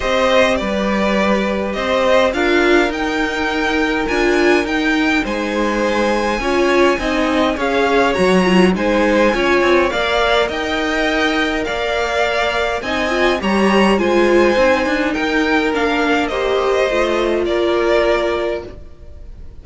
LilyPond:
<<
  \new Staff \with { instrumentName = "violin" } { \time 4/4 \tempo 4 = 103 dis''4 d''2 dis''4 | f''4 g''2 gis''4 | g''4 gis''2.~ | gis''4 f''4 ais''4 gis''4~ |
gis''4 f''4 g''2 | f''2 gis''4 ais''4 | gis''2 g''4 f''4 | dis''2 d''2 | }
  \new Staff \with { instrumentName = "violin" } { \time 4/4 c''4 b'2 c''4 | ais'1~ | ais'4 c''2 cis''4 | dis''4 cis''2 c''4 |
cis''4 d''4 dis''2 | d''2 dis''4 cis''4 | c''2 ais'2 | c''2 ais'2 | }
  \new Staff \with { instrumentName = "viola" } { \time 4/4 g'1 | f'4 dis'2 f'4 | dis'2. f'4 | dis'4 gis'4 fis'8 f'8 dis'4 |
f'4 ais'2.~ | ais'2 dis'8 f'8 g'4 | f'4 dis'2 d'4 | g'4 f'2. | }
  \new Staff \with { instrumentName = "cello" } { \time 4/4 c'4 g2 c'4 | d'4 dis'2 d'4 | dis'4 gis2 cis'4 | c'4 cis'4 fis4 gis4 |
cis'8 c'8 ais4 dis'2 | ais2 c'4 g4 | gis4 c'8 d'8 dis'4 ais4~ | ais4 a4 ais2 | }
>>